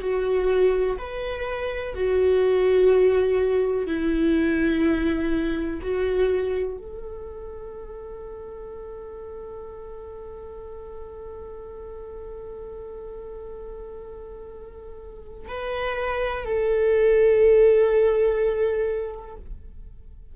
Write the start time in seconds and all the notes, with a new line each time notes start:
0.00 F#4
0.98 B4
1.94 F#4
3.87 E4
5.82 F#4
6.77 A4
15.48 B4
16.45 A4